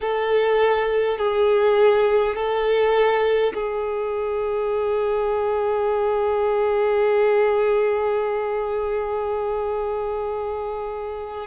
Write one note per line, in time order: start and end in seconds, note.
0.01 1.18 A4
1.18 2.35 G#4
2.35 3.53 A4
3.53 11.47 G#4